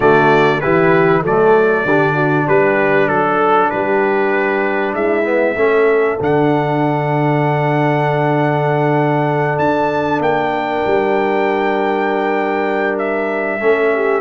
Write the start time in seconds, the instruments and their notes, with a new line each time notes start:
0.00 tuba D3, trombone A3, horn F#4, trumpet D5
0.60 tuba E3, trombone E4, horn G4, trumpet B4
1.22 tuba F#3, trombone A3, horn A4, trumpet D5
1.85 tuba D3, trombone D4, horn G4
2.13 horn F#4
2.46 tuba G3, horn G4, trumpet B4
3.08 tuba F#3, trumpet A4
3.14 horn A4
3.70 tuba G3, horn G4, trumpet B4
4.93 tuba G#3, horn E4, trumpet E5
5.24 trombone B3
5.56 tuba A3, trombone C#4, horn A4
6.19 tuba D3, trombone D4, trumpet F#5
9.58 tuba D4, trumpet A5
10.20 tuba A#3, trumpet G5
10.53 horn A#4
10.86 tuba G3
12.98 trumpet E5
13.60 tuba A3, trombone C#4, horn A4
13.94 horn G4